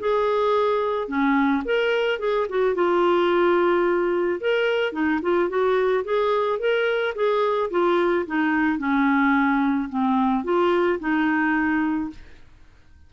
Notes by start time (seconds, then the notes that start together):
0.00 G#4
1.08 C#4
1.65 A#4
2.20 G#4
2.49 F#4
2.75 F4
4.41 A#4
4.93 D#4
5.22 F4
5.49 F#4
6.05 G#4
6.60 A#4
7.16 G#4
7.71 F4
8.27 D#4
8.79 C#4
9.90 C4
10.44 F4
11.00 D#4